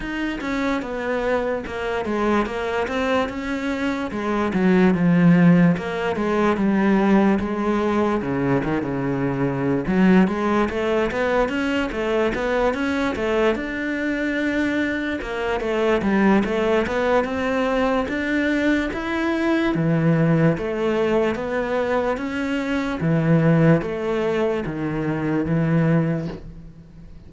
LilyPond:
\new Staff \with { instrumentName = "cello" } { \time 4/4 \tempo 4 = 73 dis'8 cis'8 b4 ais8 gis8 ais8 c'8 | cis'4 gis8 fis8 f4 ais8 gis8 | g4 gis4 cis8 dis16 cis4~ cis16 | fis8 gis8 a8 b8 cis'8 a8 b8 cis'8 |
a8 d'2 ais8 a8 g8 | a8 b8 c'4 d'4 e'4 | e4 a4 b4 cis'4 | e4 a4 dis4 e4 | }